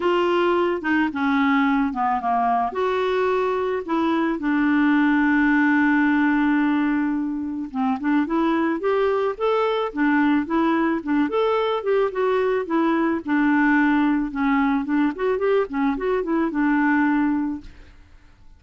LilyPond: \new Staff \with { instrumentName = "clarinet" } { \time 4/4 \tempo 4 = 109 f'4. dis'8 cis'4. b8 | ais4 fis'2 e'4 | d'1~ | d'2 c'8 d'8 e'4 |
g'4 a'4 d'4 e'4 | d'8 a'4 g'8 fis'4 e'4 | d'2 cis'4 d'8 fis'8 | g'8 cis'8 fis'8 e'8 d'2 | }